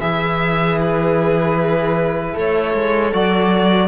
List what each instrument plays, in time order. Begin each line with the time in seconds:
0.00 cello E3, trombone E4, viola G#4, violin E5
0.81 violin B4
2.34 cello A3, viola A4, violin C#5
2.74 cello G#3
3.13 cello F#3, trombone F#4, violin D5